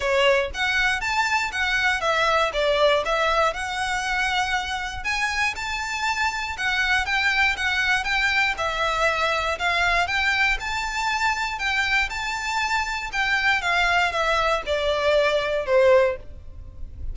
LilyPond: \new Staff \with { instrumentName = "violin" } { \time 4/4 \tempo 4 = 119 cis''4 fis''4 a''4 fis''4 | e''4 d''4 e''4 fis''4~ | fis''2 gis''4 a''4~ | a''4 fis''4 g''4 fis''4 |
g''4 e''2 f''4 | g''4 a''2 g''4 | a''2 g''4 f''4 | e''4 d''2 c''4 | }